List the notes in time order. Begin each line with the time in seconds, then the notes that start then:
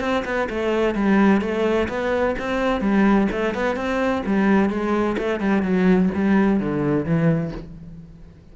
0.00 C4
0.25 B3
0.49 A3
0.95 G3
1.41 A3
1.88 B3
2.39 C4
2.81 G3
3.32 A3
3.54 B3
3.76 C4
4.26 G3
4.70 G#3
5.18 A3
5.40 G3
5.62 F#3
6.14 G3
6.60 D3
7.05 E3